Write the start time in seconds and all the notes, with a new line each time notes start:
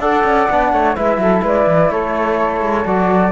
0.00 D4 A4 D5 F#5
0.24 C#4
0.50 B3 D4
0.73 A3 C#5
0.95 G#3 E4 B4 E5
1.18 F#3 A4
1.43 G#3 B4 D5
1.67 E3
1.91 A3 A4 C#5
2.61 G#3
2.85 F#3 F#4 D5